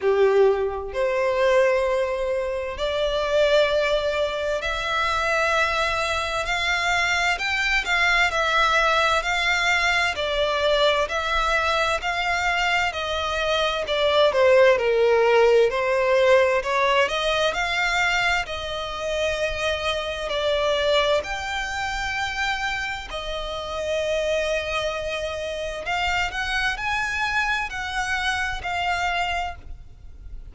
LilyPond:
\new Staff \with { instrumentName = "violin" } { \time 4/4 \tempo 4 = 65 g'4 c''2 d''4~ | d''4 e''2 f''4 | g''8 f''8 e''4 f''4 d''4 | e''4 f''4 dis''4 d''8 c''8 |
ais'4 c''4 cis''8 dis''8 f''4 | dis''2 d''4 g''4~ | g''4 dis''2. | f''8 fis''8 gis''4 fis''4 f''4 | }